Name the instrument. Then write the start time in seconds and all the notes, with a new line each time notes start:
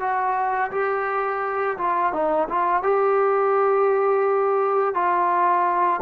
trombone
0.00 F#4
0.71 G4
1.77 F4
2.12 D#4
2.49 F4
2.83 G4
4.94 F4